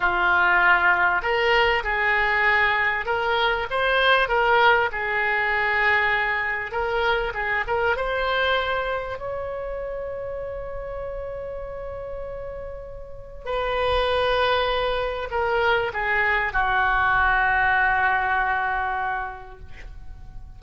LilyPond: \new Staff \with { instrumentName = "oboe" } { \time 4/4 \tempo 4 = 98 f'2 ais'4 gis'4~ | gis'4 ais'4 c''4 ais'4 | gis'2. ais'4 | gis'8 ais'8 c''2 cis''4~ |
cis''1~ | cis''2 b'2~ | b'4 ais'4 gis'4 fis'4~ | fis'1 | }